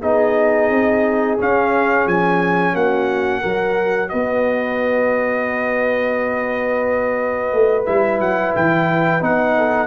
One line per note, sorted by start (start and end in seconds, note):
0.00 0.70 B3
0.00 1.38 D#4
0.00 2.73 G#4
0.00 1.38 D#5
0.70 1.38 C4
1.38 3.42 C#4
1.38 2.06 C#4
1.38 2.07 F5
2.06 2.74 F3
2.06 2.75 G#5
2.73 3.42 A#3
2.73 3.40 F#4
2.73 4.09 F#5
3.40 4.12 F#3
3.40 7.86 F#4
3.40 4.08 A#4
4.09 7.52 B3
4.09 9.57 B4
4.09 7.84 D#5
7.52 7.86 A3
7.86 8.19 G3
7.86 9.21 E4
7.86 8.20 E5
8.19 8.53 F#3
8.19 8.54 F#5
8.55 9.21 E3
8.55 9.23 G5
9.21 9.87 B3
9.21 9.87 D#4
9.21 9.87 F#5
9.57 9.87 A4